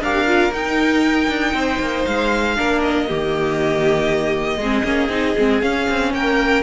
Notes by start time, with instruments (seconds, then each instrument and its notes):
0.00 cello D4, viola G4, violin A#4 F5
0.27 viola F4
0.52 cello D#4, viola D#4, violin G5
1.28 cello D4
1.54 cello C4, violin C5
1.80 cello A#3
2.05 cello G#3, violin F5
2.57 cello A#3, viola D4, violin A#4
2.82 violin D#5
3.08 cello D#3, viola A#3, violin G4
4.57 cello G#3, viola C4, violin G#4
4.84 cello A#3, viola C#4
5.09 cello C4, viola D#4
5.39 cello G#3, viola C4
5.62 cello C#4, viola C#4, violin F5
5.90 cello C4
6.13 cello A#3, violin A#4 G5